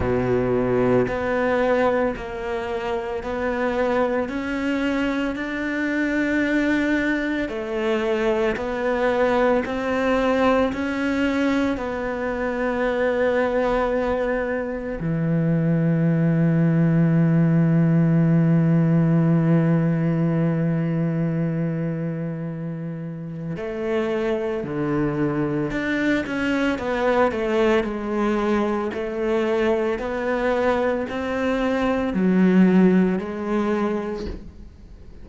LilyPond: \new Staff \with { instrumentName = "cello" } { \time 4/4 \tempo 4 = 56 b,4 b4 ais4 b4 | cis'4 d'2 a4 | b4 c'4 cis'4 b4~ | b2 e2~ |
e1~ | e2 a4 d4 | d'8 cis'8 b8 a8 gis4 a4 | b4 c'4 fis4 gis4 | }